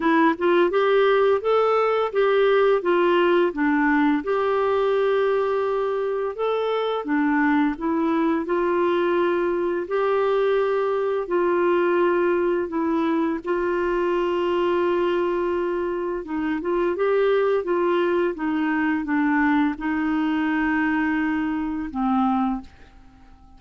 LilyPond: \new Staff \with { instrumentName = "clarinet" } { \time 4/4 \tempo 4 = 85 e'8 f'8 g'4 a'4 g'4 | f'4 d'4 g'2~ | g'4 a'4 d'4 e'4 | f'2 g'2 |
f'2 e'4 f'4~ | f'2. dis'8 f'8 | g'4 f'4 dis'4 d'4 | dis'2. c'4 | }